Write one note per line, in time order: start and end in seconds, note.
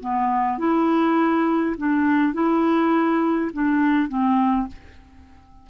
0.00 0.58 B3
0.58 1.76 E4
1.77 2.33 D4
2.33 3.51 E4
3.53 4.09 D4
4.09 4.68 C4